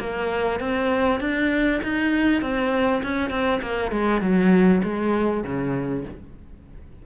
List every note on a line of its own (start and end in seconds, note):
0.00 0.60 A#3
0.60 1.20 C4
1.20 1.81 D4
1.83 2.42 D#4
2.42 3.02 C4
3.03 3.30 C#4
3.30 3.61 C4
3.62 3.91 A#3
3.91 4.21 G#3
4.21 4.82 F#3
4.83 5.44 G#3
5.44 6.05 C#3